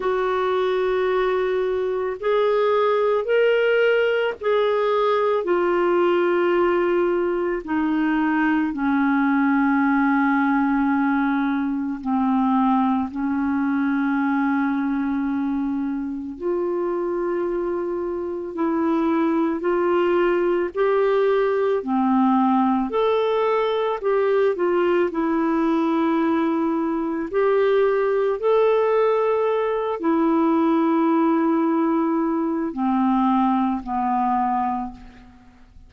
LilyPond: \new Staff \with { instrumentName = "clarinet" } { \time 4/4 \tempo 4 = 55 fis'2 gis'4 ais'4 | gis'4 f'2 dis'4 | cis'2. c'4 | cis'2. f'4~ |
f'4 e'4 f'4 g'4 | c'4 a'4 g'8 f'8 e'4~ | e'4 g'4 a'4. e'8~ | e'2 c'4 b4 | }